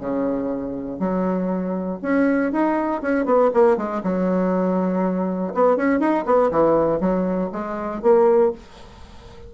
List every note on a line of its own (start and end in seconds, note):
0.00 1.00 C#3
1.00 2.00 F#3
2.02 2.52 C#4
2.52 3.02 D#4
3.02 3.26 C#4
3.26 3.51 B3
3.54 3.77 A#3
3.77 4.02 G#3
4.04 5.54 F#3
5.54 5.77 B3
5.77 6.00 C#4
6.00 6.25 D#4
6.26 6.51 B3
6.51 7.00 E3
7.00 7.50 F#3
7.52 8.02 G#3
8.03 8.53 A#3